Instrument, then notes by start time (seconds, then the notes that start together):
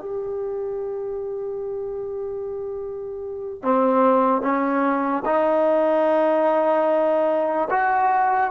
trombone
0.00 G4
3.63 C4
4.42 C#4
5.26 D#4
7.71 F#4